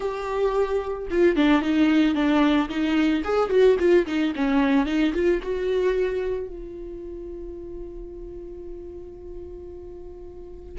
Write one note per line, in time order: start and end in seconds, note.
0.00 1.08 G4
1.10 1.35 F4
1.35 1.61 D4
1.61 2.14 D#4
2.14 2.69 D4
2.69 3.23 D#4
3.24 3.49 G#4
3.49 3.76 F#4
3.79 4.06 F4
4.06 4.33 D#4
4.35 4.86 C#4
4.86 5.13 D#4
5.13 5.40 F4
5.42 6.47 F#4
6.47 10.78 F4